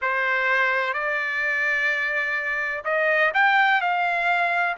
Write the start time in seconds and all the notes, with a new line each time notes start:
0.01 C5
0.93 D5
2.84 D#5
3.34 G5
3.81 F5